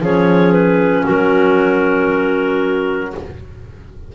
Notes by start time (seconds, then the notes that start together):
0.00 F3 C#4 G#4 C#5
0.52 B4
1.03 F#3 F#4 A#4